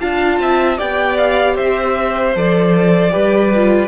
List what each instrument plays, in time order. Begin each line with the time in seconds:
0.00 cello D4, viola F4, violin F5 A5
0.40 cello C4, violin E5
0.78 cello B3, viola G4, violin D5 G5
1.18 violin F5
1.56 cello C4, violin C5 E5
2.36 cello F3, viola A4, violin D5
3.11 cello G3, viola G4, violin B4
3.56 viola F4